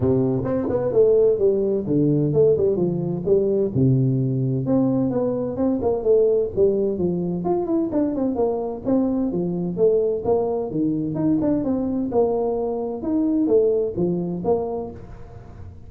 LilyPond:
\new Staff \with { instrumentName = "tuba" } { \time 4/4 \tempo 4 = 129 c4 c'8 b8 a4 g4 | d4 a8 g8 f4 g4 | c2 c'4 b4 | c'8 ais8 a4 g4 f4 |
f'8 e'8 d'8 c'8 ais4 c'4 | f4 a4 ais4 dis4 | dis'8 d'8 c'4 ais2 | dis'4 a4 f4 ais4 | }